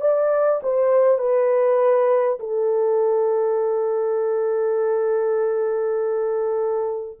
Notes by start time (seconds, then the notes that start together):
0.00 D5
0.62 C5
1.18 B4
2.39 A4